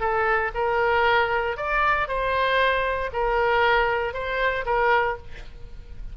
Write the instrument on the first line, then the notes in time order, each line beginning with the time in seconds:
oboe
0.00 A4
0.54 A#4
1.57 D5
2.08 C5
3.13 A#4
4.14 C5
4.66 A#4